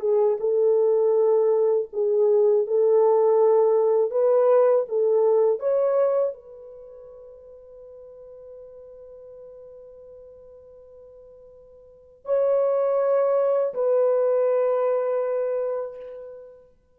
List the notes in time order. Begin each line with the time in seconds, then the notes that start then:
0.00 G#4
0.40 A4
1.93 G#4
2.67 A4
4.11 B4
4.88 A4
5.60 C#5
6.33 B4
12.25 C#5
13.74 B4